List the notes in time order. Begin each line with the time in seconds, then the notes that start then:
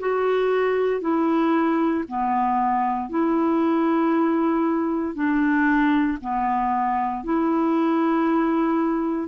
0.00 F#4
1.01 E4
2.08 B3
3.09 E4
5.15 D4
6.21 B3
7.24 E4